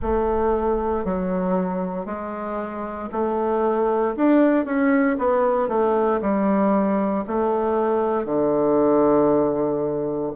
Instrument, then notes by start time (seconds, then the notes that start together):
bassoon
0.01 A3
1.04 F#3
2.05 G#3
3.11 A3
4.16 D4
4.65 C#4
5.18 B3
5.68 A3
6.21 G3
7.27 A3
8.25 D3